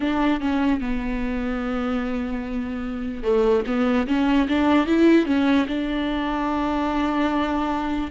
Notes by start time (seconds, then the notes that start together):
0.00 D4
0.40 C#4
0.80 B3
3.23 A3
3.66 B3
4.07 C#4
4.48 D4
4.86 E4
5.25 C#4
5.67 D4